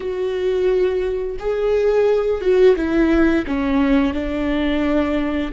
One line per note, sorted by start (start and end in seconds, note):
0.00 1.37 F#4
1.39 2.41 G#4
2.41 2.75 F#4
2.76 3.45 E4
3.47 4.13 C#4
4.13 5.51 D4